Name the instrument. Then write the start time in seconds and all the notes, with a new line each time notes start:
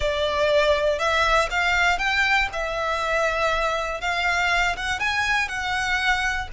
violin
0.00 D5
0.99 E5
1.50 F5
1.98 G5
2.52 E5
4.00 F5
4.76 F#5
4.99 G#5
5.48 F#5